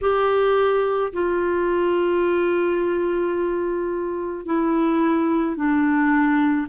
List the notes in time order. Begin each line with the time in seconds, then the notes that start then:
0.01 G4
1.12 F4
4.45 E4
5.56 D4